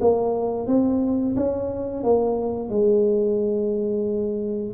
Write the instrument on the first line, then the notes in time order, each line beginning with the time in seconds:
tuba
0.00 A#3
0.67 C4
1.36 C#4
2.03 A#3
2.69 G#3